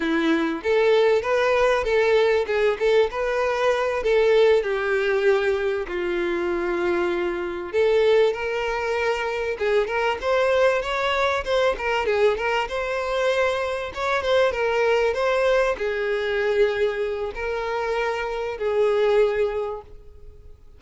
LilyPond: \new Staff \with { instrumentName = "violin" } { \time 4/4 \tempo 4 = 97 e'4 a'4 b'4 a'4 | gis'8 a'8 b'4. a'4 g'8~ | g'4. f'2~ f'8~ | f'8 a'4 ais'2 gis'8 |
ais'8 c''4 cis''4 c''8 ais'8 gis'8 | ais'8 c''2 cis''8 c''8 ais'8~ | ais'8 c''4 gis'2~ gis'8 | ais'2 gis'2 | }